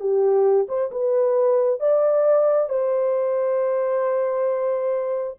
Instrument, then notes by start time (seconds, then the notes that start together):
horn
0.00 G4
0.69 C5
0.92 B4
1.80 D5
2.69 C5